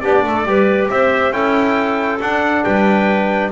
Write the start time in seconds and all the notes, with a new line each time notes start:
0.00 B3 D4 G4 D5
0.23 A3 A4
0.45 G3 G4 B4
0.90 C4 C5 E5
1.31 C#4 E4 A4 G5
2.20 D4 F#5
2.64 G3 B4 G5